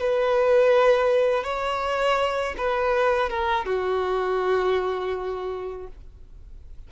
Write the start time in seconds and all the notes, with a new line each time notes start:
0.00 B4
1.44 C#5
2.57 B4
3.30 A#4
3.65 F#4